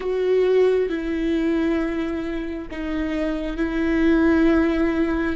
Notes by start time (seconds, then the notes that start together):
0.00 F#4
0.89 E4
2.71 D#4
3.56 E4